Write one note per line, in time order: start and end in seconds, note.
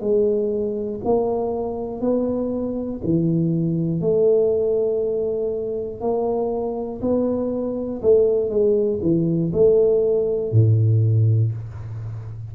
0.00 1.00 G#3
1.05 2.00 A#3
2.00 3.00 B3
3.04 4.00 E3
4.00 6.00 A3
6.00 7.00 A#3
7.01 8.01 B3
8.02 8.50 A3
8.50 9.00 G#3
9.02 9.52 E3
9.52 10.52 A3
10.52 11.52 A2